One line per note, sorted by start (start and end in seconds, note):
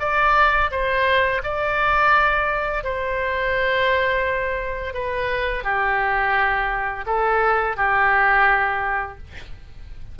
0.00 0.71 D5
0.71 1.42 C5
1.44 2.84 D5
2.84 4.94 C5
4.94 5.64 B4
5.64 7.05 G4
7.06 7.77 A4
7.77 9.18 G4